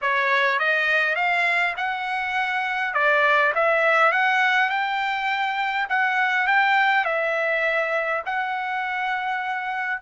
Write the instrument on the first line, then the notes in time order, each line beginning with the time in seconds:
trumpet
0.01 C#5
0.59 D#5
1.15 F5
1.76 F#5
2.94 D5
3.54 E5
4.11 F#5
4.69 G5
5.89 F#5
6.47 G5
7.04 E5
8.25 F#5